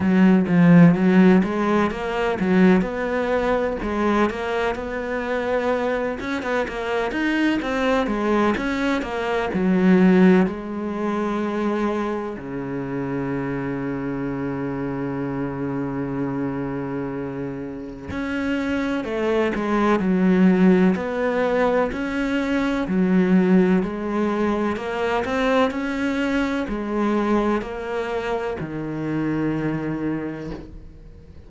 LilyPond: \new Staff \with { instrumentName = "cello" } { \time 4/4 \tempo 4 = 63 fis8 f8 fis8 gis8 ais8 fis8 b4 | gis8 ais8 b4. cis'16 b16 ais8 dis'8 | c'8 gis8 cis'8 ais8 fis4 gis4~ | gis4 cis2.~ |
cis2. cis'4 | a8 gis8 fis4 b4 cis'4 | fis4 gis4 ais8 c'8 cis'4 | gis4 ais4 dis2 | }